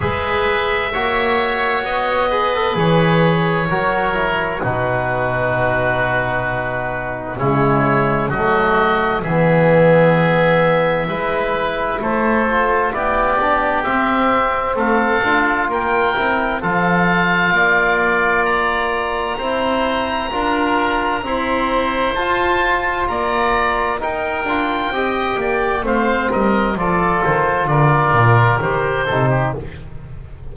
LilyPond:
<<
  \new Staff \with { instrumentName = "oboe" } { \time 4/4 \tempo 4 = 65 e''2 dis''4 cis''4~ | cis''4 b'2. | cis''4 dis''4 e''2~ | e''4 c''4 d''4 e''4 |
f''4 g''4 f''2 | ais''1 | a''4 ais''4 g''2 | f''8 dis''8 d''8 c''8 d''4 c''4 | }
  \new Staff \with { instrumentName = "oboe" } { \time 4/4 b'4 cis''4. b'4. | ais'4 fis'2. | e'4 fis'4 gis'2 | b'4 a'4 g'2 |
a'4 ais'4 a'4 d''4~ | d''4 c''4 ais'4 c''4~ | c''4 d''4 ais'4 dis''8 d''8 | c''8 ais'8 a'4 ais'4. a'16 g'16 | }
  \new Staff \with { instrumentName = "trombone" } { \time 4/4 gis'4 fis'4. gis'16 a'16 gis'4 | fis'8 e'8 dis'2. | gis4 a4 b2 | e'4. f'8 e'8 d'8 c'4~ |
c'8 f'4 e'8 f'2~ | f'4 e'4 f'4 c'4 | f'2 dis'8 f'8 g'4 | c'4 f'2 g'8 dis'8 | }
  \new Staff \with { instrumentName = "double bass" } { \time 4/4 gis4 ais4 b4 e4 | fis4 b,2. | cis4 fis4 e2 | gis4 a4 b4 c'4 |
a8 d'8 ais8 c'8 f4 ais4~ | ais4 c'4 d'4 e'4 | f'4 ais4 dis'8 d'8 c'8 ais8 | a8 g8 f8 dis8 d8 ais,8 dis8 c8 | }
>>